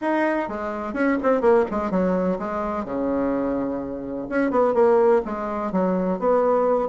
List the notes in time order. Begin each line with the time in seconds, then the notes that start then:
0.01 D#4
0.48 G#3
0.93 C#4
1.22 C4
1.41 A#3
1.70 G#3
1.90 F#3
2.39 G#3
2.84 C#3
4.29 C#4
4.51 B3
4.74 A#3
5.25 G#3
5.71 F#3
6.19 B3